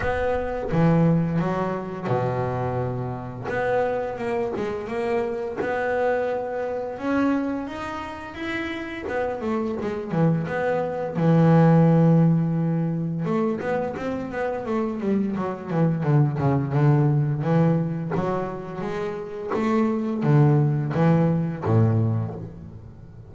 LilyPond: \new Staff \with { instrumentName = "double bass" } { \time 4/4 \tempo 4 = 86 b4 e4 fis4 b,4~ | b,4 b4 ais8 gis8 ais4 | b2 cis'4 dis'4 | e'4 b8 a8 gis8 e8 b4 |
e2. a8 b8 | c'8 b8 a8 g8 fis8 e8 d8 cis8 | d4 e4 fis4 gis4 | a4 d4 e4 a,4 | }